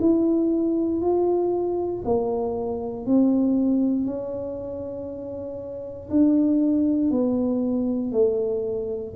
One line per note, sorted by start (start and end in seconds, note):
0.00 1.01 E4
1.01 2.02 F4
2.04 3.06 A#3
3.06 4.05 C4
4.05 6.09 C#4
6.09 7.10 D4
7.10 8.11 B3
8.11 9.13 A3